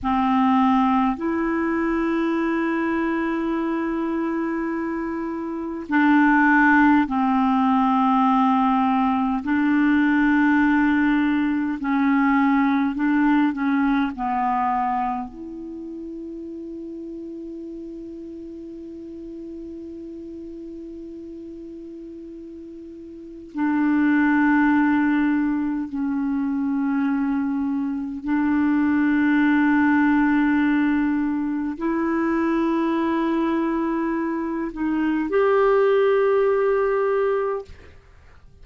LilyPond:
\new Staff \with { instrumentName = "clarinet" } { \time 4/4 \tempo 4 = 51 c'4 e'2.~ | e'4 d'4 c'2 | d'2 cis'4 d'8 cis'8 | b4 e'2.~ |
e'1 | d'2 cis'2 | d'2. e'4~ | e'4. dis'8 g'2 | }